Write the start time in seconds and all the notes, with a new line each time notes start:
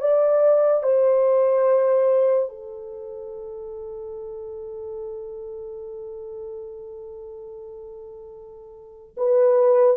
0.00 D5
0.83 C5
2.49 A4
9.17 B4